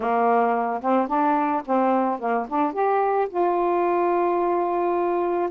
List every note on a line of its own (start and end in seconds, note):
0.00 0.80 A#3
0.81 1.07 C4
1.07 1.62 D4
1.65 2.19 C4
2.19 2.46 A#3
2.48 2.72 D4
2.72 3.28 G4
3.29 5.49 F4